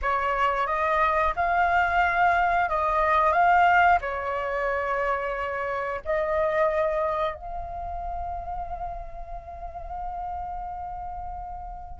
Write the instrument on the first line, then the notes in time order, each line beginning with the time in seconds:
flute
0.02 C#5
0.67 D#5
1.36 F5
2.69 D#5
3.32 F5
4.01 C#5
6.04 D#5
7.34 F5